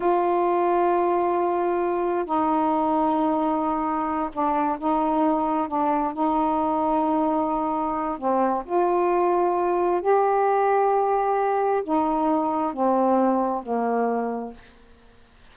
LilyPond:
\new Staff \with { instrumentName = "saxophone" } { \time 4/4 \tempo 4 = 132 f'1~ | f'4 dis'2.~ | dis'4. d'4 dis'4.~ | dis'8 d'4 dis'2~ dis'8~ |
dis'2 c'4 f'4~ | f'2 g'2~ | g'2 dis'2 | c'2 ais2 | }